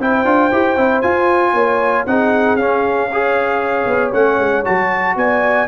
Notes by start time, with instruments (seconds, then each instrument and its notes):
0.00 tuba C4, trombone E4, horn C5, trumpet G5
0.25 tuba D4, trombone F4
0.52 tuba E4, trombone G4
0.77 tuba C4, trombone E4
1.02 trombone F4, tuba F4, trumpet G#5
1.54 tuba A#3, horn C#5
2.07 tuba C4, trombone D#4, horn G#4, trumpet F#5
2.56 tuba C#4, trombone C#4, trumpet F5
3.10 trombone G#4, horn C#5
3.87 tuba B3
4.13 tuba A3, trombone C#4, trumpet F#5
4.39 tuba G#3
4.65 tuba F#3, trombone F#4, trumpet A5
5.16 tuba B3, horn D5, trumpet G#5